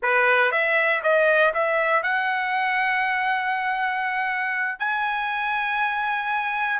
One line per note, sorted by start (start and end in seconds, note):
0.02 0.51 B4
0.51 1.02 E5
1.02 1.53 D#5
1.54 2.02 E5
2.02 4.79 F#5
4.79 6.80 G#5